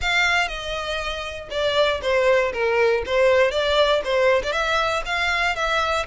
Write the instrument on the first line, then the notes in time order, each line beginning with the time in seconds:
violin
0.01 F5
0.48 D#5
1.50 D5
2.01 C5
2.52 A#4
3.05 C5
3.51 D5
4.04 C5
4.43 D5
4.52 E5
5.05 F5
5.55 E5